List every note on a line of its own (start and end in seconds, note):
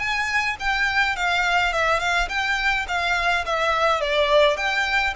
0.00 0.57 G#5
0.60 1.16 G5
1.16 1.73 F5
1.73 2.00 E5
2.00 2.29 F5
2.29 2.86 G5
2.88 3.45 F5
3.46 4.02 E5
4.02 4.57 D5
4.57 5.15 G5